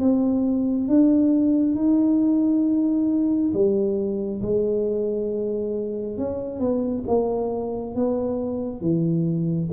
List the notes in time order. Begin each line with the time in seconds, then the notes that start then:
0.00 C4
0.88 D4
1.76 D#4
3.54 G3
4.42 G#3
6.18 C#4
6.60 B3
7.07 A#3
7.95 B3
8.81 E3